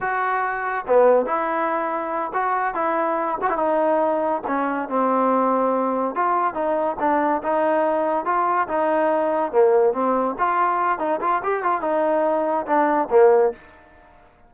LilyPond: \new Staff \with { instrumentName = "trombone" } { \time 4/4 \tempo 4 = 142 fis'2 b4 e'4~ | e'4. fis'4 e'4. | fis'16 e'16 dis'2 cis'4 c'8~ | c'2~ c'8 f'4 dis'8~ |
dis'8 d'4 dis'2 f'8~ | f'8 dis'2 ais4 c'8~ | c'8 f'4. dis'8 f'8 g'8 f'8 | dis'2 d'4 ais4 | }